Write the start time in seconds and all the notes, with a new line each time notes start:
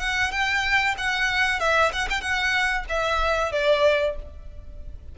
0.00 F#5
0.32 G5
0.98 F#5
1.60 E5
1.93 F#5
2.10 G5
2.21 F#5
2.89 E5
3.52 D5